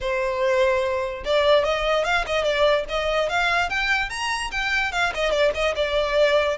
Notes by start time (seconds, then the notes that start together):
0.00 C5
1.24 D5
1.64 D#5
2.04 F5
2.26 D#5
2.43 D5
2.88 D#5
3.29 F5
3.69 G5
4.09 A#5
4.51 G5
4.92 F5
5.14 D#5
5.31 D5
5.54 D#5
5.75 D5